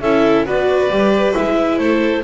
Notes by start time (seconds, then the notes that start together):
0.00 C#4 E4 A4 E5
0.44 B3 F#4 B4 D5
0.89 G3 G4
1.34 G#3 E4 E5
1.78 A3 A4 C5